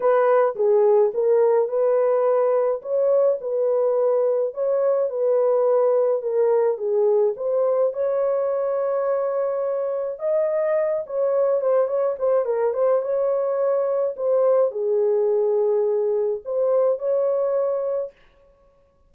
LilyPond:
\new Staff \with { instrumentName = "horn" } { \time 4/4 \tempo 4 = 106 b'4 gis'4 ais'4 b'4~ | b'4 cis''4 b'2 | cis''4 b'2 ais'4 | gis'4 c''4 cis''2~ |
cis''2 dis''4. cis''8~ | cis''8 c''8 cis''8 c''8 ais'8 c''8 cis''4~ | cis''4 c''4 gis'2~ | gis'4 c''4 cis''2 | }